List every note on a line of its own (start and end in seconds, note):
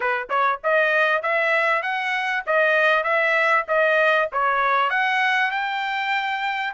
0.00 0.28 B4
0.29 0.60 C#5
0.63 1.22 D#5
1.22 1.82 E5
1.82 2.43 F#5
2.46 3.03 D#5
3.03 3.65 E5
3.68 4.29 D#5
4.32 4.90 C#5
4.90 5.51 F#5
5.51 6.73 G5